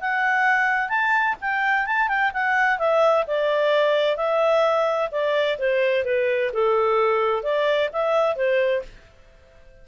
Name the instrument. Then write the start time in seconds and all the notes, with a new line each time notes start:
clarinet
0.00 F#5
0.89 A5
1.41 G5
1.86 A5
2.08 G5
2.33 F#5
2.78 E5
3.27 D5
4.16 E5
5.11 D5
5.58 C5
6.04 B4
6.53 A4
7.43 D5
7.92 E5
8.35 C5